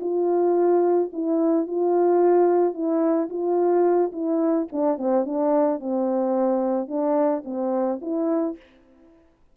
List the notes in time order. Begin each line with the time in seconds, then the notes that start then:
0.00 F4
1.12 E4
1.67 F4
2.74 E4
3.29 F4
4.12 E4
4.72 D4
4.98 C4
5.25 D4
5.79 C4
6.88 D4
7.45 C4
8.01 E4